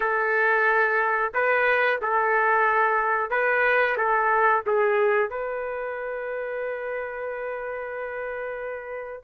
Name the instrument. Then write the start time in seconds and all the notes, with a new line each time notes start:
trumpet
0.00 A4
1.34 B4
2.01 A4
3.30 B4
3.97 A4
4.66 G#4
5.30 B4